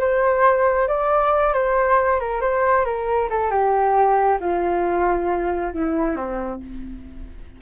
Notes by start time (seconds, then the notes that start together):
0.00 C5
0.88 D5
1.54 C5
2.20 A#4
2.41 C5
2.85 A#4
3.30 A4
3.51 G4
4.41 F4
5.74 E4
6.16 C4